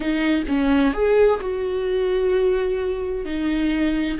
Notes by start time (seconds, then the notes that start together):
0.00 D#4
0.48 C#4
0.93 G#4
1.40 F#4
3.25 D#4